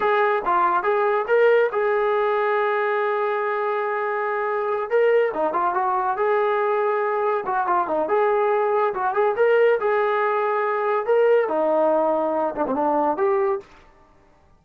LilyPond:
\new Staff \with { instrumentName = "trombone" } { \time 4/4 \tempo 4 = 141 gis'4 f'4 gis'4 ais'4 | gis'1~ | gis'2.~ gis'8 ais'8~ | ais'8 dis'8 f'8 fis'4 gis'4.~ |
gis'4. fis'8 f'8 dis'8 gis'4~ | gis'4 fis'8 gis'8 ais'4 gis'4~ | gis'2 ais'4 dis'4~ | dis'4. d'16 c'16 d'4 g'4 | }